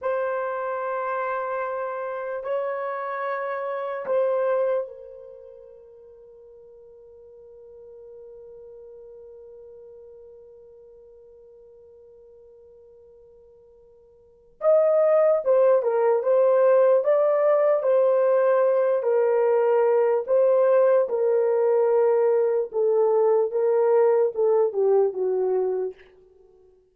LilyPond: \new Staff \with { instrumentName = "horn" } { \time 4/4 \tempo 4 = 74 c''2. cis''4~ | cis''4 c''4 ais'2~ | ais'1~ | ais'1~ |
ais'2 dis''4 c''8 ais'8 | c''4 d''4 c''4. ais'8~ | ais'4 c''4 ais'2 | a'4 ais'4 a'8 g'8 fis'4 | }